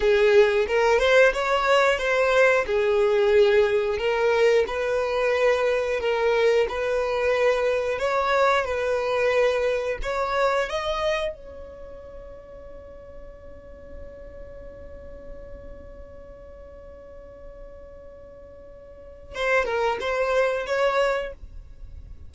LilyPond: \new Staff \with { instrumentName = "violin" } { \time 4/4 \tempo 4 = 90 gis'4 ais'8 c''8 cis''4 c''4 | gis'2 ais'4 b'4~ | b'4 ais'4 b'2 | cis''4 b'2 cis''4 |
dis''4 cis''2.~ | cis''1~ | cis''1~ | cis''4 c''8 ais'8 c''4 cis''4 | }